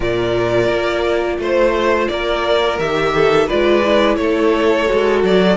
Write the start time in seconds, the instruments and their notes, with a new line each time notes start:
0.00 cello A#2, viola F4, violin A#4 D5
0.68 cello A#3
1.38 cello A3, violin C5
2.08 cello A#3, violin A#4 D5
2.78 cello D#3, viola G4, violin E5
3.15 violin A4
3.47 cello G#3, viola F4, violin B4 D5
3.84 viola E4
4.16 cello A3, violin A4 C#5
4.87 cello G#3, viola F#4
5.23 cello F#3, violin D5